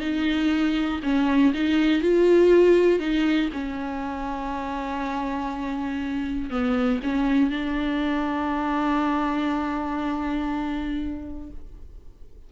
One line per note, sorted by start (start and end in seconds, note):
0.00 1.00 D#4
1.03 1.53 C#4
1.54 2.02 D#4
2.02 2.99 F4
2.99 3.49 D#4
3.53 6.50 C#4
6.50 7.00 B3
7.02 7.50 C#4
7.50 11.50 D4